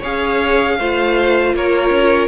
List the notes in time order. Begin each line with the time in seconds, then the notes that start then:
0.00 C#4 G#4 C#5 F5
0.79 A3 F4 C5
1.54 A#3 A#4 C#5
1.90 C#4